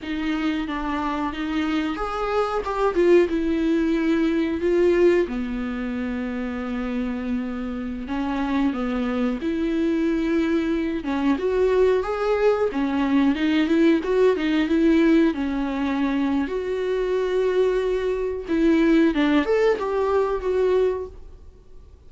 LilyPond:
\new Staff \with { instrumentName = "viola" } { \time 4/4 \tempo 4 = 91 dis'4 d'4 dis'4 gis'4 | g'8 f'8 e'2 f'4 | b1~ | b16 cis'4 b4 e'4.~ e'16~ |
e'8. cis'8 fis'4 gis'4 cis'8.~ | cis'16 dis'8 e'8 fis'8 dis'8 e'4 cis'8.~ | cis'4 fis'2. | e'4 d'8 a'8 g'4 fis'4 | }